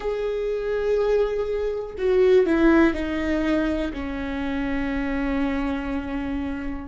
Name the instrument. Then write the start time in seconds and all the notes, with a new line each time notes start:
viola
0.00 G#4
1.98 F#4
2.45 E4
2.93 D#4
3.93 C#4